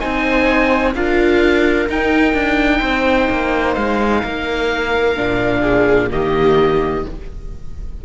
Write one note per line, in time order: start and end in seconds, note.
0.00 0.95 C4
0.00 0.94 D#4
0.00 0.94 C5
0.00 0.94 G#5
0.95 1.89 D4
0.95 1.88 F4
0.95 2.79 A#4
0.95 1.89 F5
1.88 5.16 D#4
1.88 2.34 D#4
1.88 3.75 G5
2.34 2.81 D4
2.79 3.29 C4
2.79 4.19 C5
3.30 3.77 A#3
3.75 4.23 G#3
3.75 6.09 F5
4.22 5.18 A#3
4.22 5.61 A#4
5.16 6.12 A#2
5.16 6.10 D4
5.61 6.08 G#4
6.11 7.05 D#3
6.11 7.05 A#3
6.11 7.06 G4
6.11 7.05 D#5